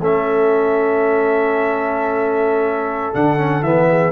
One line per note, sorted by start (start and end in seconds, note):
0.00 3.12 A3
0.00 3.13 C#4
0.00 3.88 A4
0.00 3.14 E5
3.13 3.62 D3
3.13 3.37 D4
3.13 3.63 F#5
3.37 3.62 C#4
3.62 4.11 E3
3.62 4.11 B3
3.62 4.11 E5
3.89 4.11 G#4